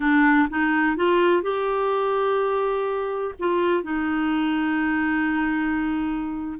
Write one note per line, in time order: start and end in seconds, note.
0.00 0.48 D4
0.49 0.96 D#4
0.96 1.42 F4
1.42 3.34 G4
3.39 3.83 F4
3.83 6.59 D#4